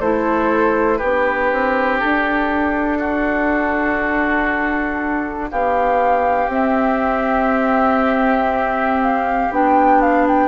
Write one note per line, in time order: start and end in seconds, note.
0.00 1.00 A3
0.00 1.00 E4
0.00 0.98 A4
0.00 0.98 C5
0.98 1.52 B3
0.98 6.50 D4
0.98 2.98 G4
0.98 1.98 B4
1.52 2.02 C4
2.00 5.52 D4
2.00 5.50 A4
2.99 5.49 F#4
5.51 6.48 B3
5.51 10.48 G4
5.51 6.51 F5
6.48 9.48 C4
6.48 9.50 C4
6.48 9.03 E5
9.03 9.53 F5
9.51 10.48 B3
9.51 10.48 D4
9.51 10.02 G5
10.02 10.27 F5
10.28 10.48 G5